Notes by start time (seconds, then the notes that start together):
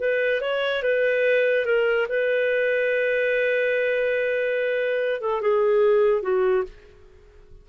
0.00 B4
0.41 C#5
0.82 B4
1.65 A#4
2.08 B4
5.21 A4
5.41 G#4
6.22 F#4